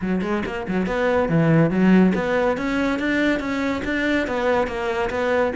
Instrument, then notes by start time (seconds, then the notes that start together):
cello
0.01 F#3
0.21 G#3
0.45 A#3
0.68 F#3
0.86 B3
1.29 E3
1.70 F#3
2.14 B3
2.57 C#4
2.99 D4
3.39 C#4
3.84 D4
4.27 B3
4.67 A#3
5.09 B3